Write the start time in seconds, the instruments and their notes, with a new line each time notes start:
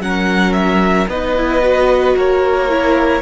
0.00 cello F#3, viola C#4, violin A#4 F#5
0.53 violin E5
1.08 cello B3, viola D#4, violin B4 D#5
1.37 viola E4
1.62 viola F#4
2.16 cello A#3, violin A#4 C#5
2.69 viola E4